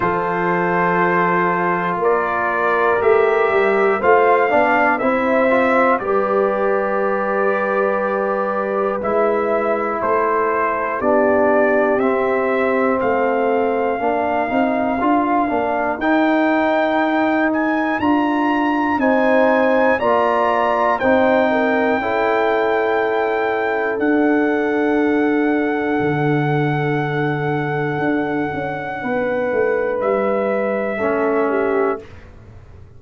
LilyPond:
<<
  \new Staff \with { instrumentName = "trumpet" } { \time 4/4 \tempo 4 = 60 c''2 d''4 e''4 | f''4 e''4 d''2~ | d''4 e''4 c''4 d''4 | e''4 f''2. |
g''4. gis''8 ais''4 gis''4 | ais''4 g''2. | fis''1~ | fis''2 e''2 | }
  \new Staff \with { instrumentName = "horn" } { \time 4/4 a'2 ais'2 | c''8 d''8 c''4 b'2~ | b'2 a'4 g'4~ | g'4 a'4 ais'2~ |
ais'2. c''4 | d''4 c''8 ais'8 a'2~ | a'1~ | a'4 b'2 a'8 g'8 | }
  \new Staff \with { instrumentName = "trombone" } { \time 4/4 f'2. g'4 | f'8 d'8 e'8 f'8 g'2~ | g'4 e'2 d'4 | c'2 d'8 dis'8 f'8 d'8 |
dis'2 f'4 dis'4 | f'4 dis'4 e'2 | d'1~ | d'2. cis'4 | }
  \new Staff \with { instrumentName = "tuba" } { \time 4/4 f2 ais4 a8 g8 | a8 b8 c'4 g2~ | g4 gis4 a4 b4 | c'4 a4 ais8 c'8 d'8 ais8 |
dis'2 d'4 c'4 | ais4 c'4 cis'2 | d'2 d2 | d'8 cis'8 b8 a8 g4 a4 | }
>>